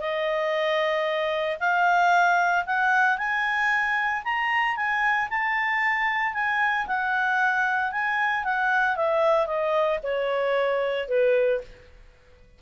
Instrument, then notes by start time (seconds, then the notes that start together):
clarinet
0.00 D#5
1.59 F5
2.66 F#5
3.17 G#5
4.24 A#5
4.76 G#5
5.29 A5
6.33 G#5
6.87 F#5
7.92 G#5
8.44 F#5
8.96 E5
9.46 D#5
10.03 C#5
11.08 B4